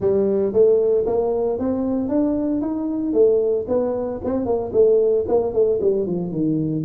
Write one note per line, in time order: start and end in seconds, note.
0.00 0.52 G3
0.52 1.05 A3
1.06 1.58 A#3
1.58 2.09 C4
2.09 2.61 D4
2.61 3.13 D#4
3.13 3.66 A3
3.68 4.20 B3
4.24 4.45 C4
4.45 4.71 A#3
4.72 5.25 A3
5.28 5.53 A#3
5.53 5.79 A3
5.81 6.06 G3
6.06 6.31 F3
6.31 6.84 D#3